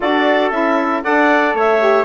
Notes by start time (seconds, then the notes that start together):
0.00 D4 F#4 A4 D5
0.50 C#4 E4 E5
1.03 D4 A4 D5 F#5
1.54 A3 C#5 E5
1.79 G4